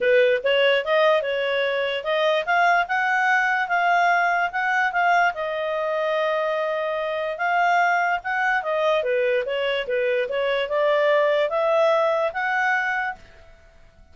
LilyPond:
\new Staff \with { instrumentName = "clarinet" } { \time 4/4 \tempo 4 = 146 b'4 cis''4 dis''4 cis''4~ | cis''4 dis''4 f''4 fis''4~ | fis''4 f''2 fis''4 | f''4 dis''2.~ |
dis''2 f''2 | fis''4 dis''4 b'4 cis''4 | b'4 cis''4 d''2 | e''2 fis''2 | }